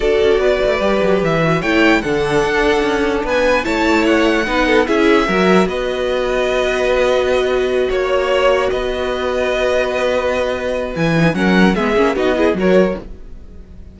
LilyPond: <<
  \new Staff \with { instrumentName = "violin" } { \time 4/4 \tempo 4 = 148 d''2. e''4 | g''4 fis''2. | gis''4 a''4 fis''2 | e''2 dis''2~ |
dis''2.~ dis''8 cis''8~ | cis''4. dis''2~ dis''8~ | dis''2. gis''4 | fis''4 e''4 dis''4 cis''4 | }
  \new Staff \with { instrumentName = "violin" } { \time 4/4 a'4 b'2. | cis''4 a'2. | b'4 cis''2 b'8 a'8 | gis'4 ais'4 b'2~ |
b'2.~ b'8 cis''8~ | cis''4. b'2~ b'8~ | b'1 | ais'4 gis'4 fis'8 gis'8 ais'4 | }
  \new Staff \with { instrumentName = "viola" } { \time 4/4 fis'2 g'4. fis'8 | e'4 d'2.~ | d'4 e'2 dis'4 | e'4 fis'2.~ |
fis'1~ | fis'1~ | fis'2. e'8 dis'8 | cis'4 b8 cis'8 dis'8 e'8 fis'4 | }
  \new Staff \with { instrumentName = "cello" } { \time 4/4 d'8 cis'8 b8 a8 g8 fis8 e4 | a4 d4 d'4 cis'4 | b4 a2 b4 | cis'4 fis4 b2~ |
b2.~ b8 ais8~ | ais4. b2~ b8~ | b2. e4 | fis4 gis8 ais8 b4 fis4 | }
>>